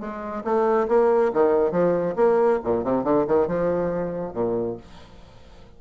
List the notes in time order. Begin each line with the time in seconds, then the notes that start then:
0.00 G#3
0.44 A3
0.89 A#3
1.34 D#3
1.72 F3
2.16 A#3
2.65 A#2
2.84 C3
3.04 D3
3.28 D#3
3.48 F3
4.34 A#2